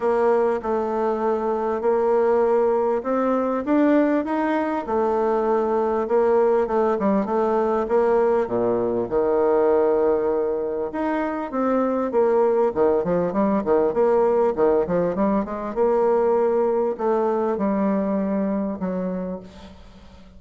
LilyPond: \new Staff \with { instrumentName = "bassoon" } { \time 4/4 \tempo 4 = 99 ais4 a2 ais4~ | ais4 c'4 d'4 dis'4 | a2 ais4 a8 g8 | a4 ais4 ais,4 dis4~ |
dis2 dis'4 c'4 | ais4 dis8 f8 g8 dis8 ais4 | dis8 f8 g8 gis8 ais2 | a4 g2 fis4 | }